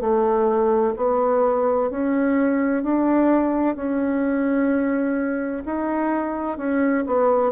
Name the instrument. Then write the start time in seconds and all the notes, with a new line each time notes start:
bassoon
0.00 A3
0.96 B3
1.90 C#4
2.83 D4
3.75 C#4
5.65 D#4
6.57 C#4
7.06 B3